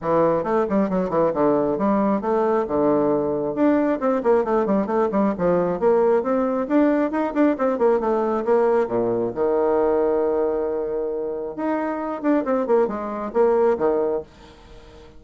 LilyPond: \new Staff \with { instrumentName = "bassoon" } { \time 4/4 \tempo 4 = 135 e4 a8 g8 fis8 e8 d4 | g4 a4 d2 | d'4 c'8 ais8 a8 g8 a8 g8 | f4 ais4 c'4 d'4 |
dis'8 d'8 c'8 ais8 a4 ais4 | ais,4 dis2.~ | dis2 dis'4. d'8 | c'8 ais8 gis4 ais4 dis4 | }